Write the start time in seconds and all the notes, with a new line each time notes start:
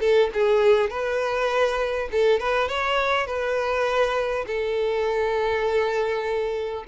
0.00 A4
0.33 G#4
0.90 B4
2.11 A4
2.39 B4
2.68 C#5
3.26 B4
4.46 A4